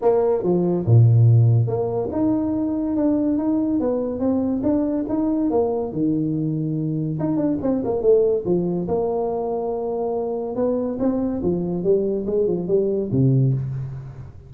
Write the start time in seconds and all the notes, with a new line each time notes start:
0.01 A#3
0.43 F3
0.85 A#2
1.67 A#3
2.12 D#4
2.96 D4
3.38 D#4
3.80 B3
4.19 C4
4.63 D4
5.08 D#4
5.50 A#3
5.92 D#3
7.19 D#4
7.36 D4
7.62 C4
7.84 A#3
8.01 A3
8.45 F3
8.87 A#3
10.55 B3
10.99 C4
11.42 F3
11.83 G3
12.26 G#3
12.46 F3
12.67 G3
13.11 C3